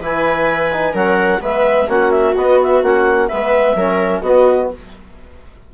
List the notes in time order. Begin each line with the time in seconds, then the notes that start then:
0.00 E3 E4 B4 G#5
0.72 D#4
0.94 F#3 C#4 A#4 F#5
1.41 G#3 B3 B4 E5
1.88 A#3 C#4 F#4 F#5
2.12 E5
2.36 B3 D#5
2.63 E5
2.83 A#3 C#4 F#5
3.28 G#3 B3 B4 E5
3.75 F#3 C#4 A#4
4.22 B3 F#4 D#5